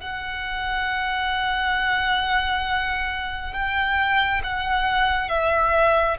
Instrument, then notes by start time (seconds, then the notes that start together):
violin
0.00 F#5
3.53 G5
4.44 F#5
5.29 E5